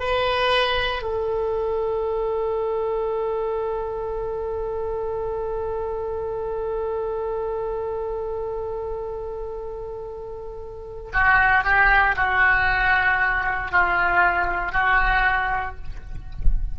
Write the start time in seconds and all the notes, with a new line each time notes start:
0.00 B4
1.03 A4
11.13 F#4
11.64 G4
12.16 F#4
13.72 F4
14.73 F#4